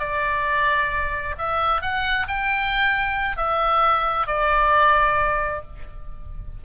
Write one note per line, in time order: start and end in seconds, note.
0.00 1.35 D5
1.38 1.82 E5
1.82 2.27 F#5
2.28 3.37 G5
3.37 4.27 E5
4.27 5.62 D5